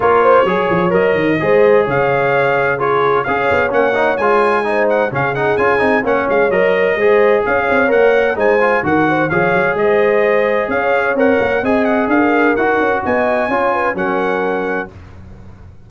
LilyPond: <<
  \new Staff \with { instrumentName = "trumpet" } { \time 4/4 \tempo 4 = 129 cis''2 dis''2 | f''2 cis''4 f''4 | fis''4 gis''4. fis''8 f''8 fis''8 | gis''4 fis''8 f''8 dis''2 |
f''4 fis''4 gis''4 fis''4 | f''4 dis''2 f''4 | fis''4 gis''8 fis''8 f''4 fis''4 | gis''2 fis''2 | }
  \new Staff \with { instrumentName = "horn" } { \time 4/4 ais'8 c''8 cis''2 c''4 | cis''2 gis'4 cis''4~ | cis''2 c''4 gis'4~ | gis'4 cis''2 c''4 |
cis''2 c''4 ais'8 c''8 | cis''4 c''2 cis''4~ | cis''4 dis''4 ais'2 | dis''4 cis''8 b'8 ais'2 | }
  \new Staff \with { instrumentName = "trombone" } { \time 4/4 f'4 gis'4 ais'4 gis'4~ | gis'2 f'4 gis'4 | cis'8 dis'8 f'4 dis'4 cis'8 dis'8 | f'8 dis'8 cis'4 ais'4 gis'4~ |
gis'4 ais'4 dis'8 f'8 fis'4 | gis'1 | ais'4 gis'2 fis'4~ | fis'4 f'4 cis'2 | }
  \new Staff \with { instrumentName = "tuba" } { \time 4/4 ais4 fis8 f8 fis8 dis8 gis4 | cis2. cis'8 b8 | ais4 gis2 cis4 | cis'8 c'8 ais8 gis8 fis4 gis4 |
cis'8 c'8 ais4 gis4 dis4 | f8 fis8 gis2 cis'4 | c'8 ais8 c'4 d'4 dis'8 cis'8 | b4 cis'4 fis2 | }
>>